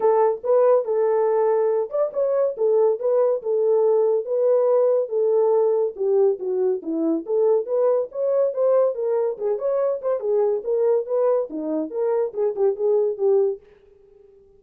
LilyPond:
\new Staff \with { instrumentName = "horn" } { \time 4/4 \tempo 4 = 141 a'4 b'4 a'2~ | a'8 d''8 cis''4 a'4 b'4 | a'2 b'2 | a'2 g'4 fis'4 |
e'4 a'4 b'4 cis''4 | c''4 ais'4 gis'8 cis''4 c''8 | gis'4 ais'4 b'4 dis'4 | ais'4 gis'8 g'8 gis'4 g'4 | }